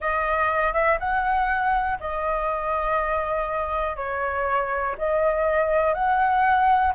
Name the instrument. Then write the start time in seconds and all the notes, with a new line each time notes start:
flute
0.00 D#5
0.73 E5
0.99 F#5
2.00 D#5
3.96 C#5
4.97 D#5
5.94 F#5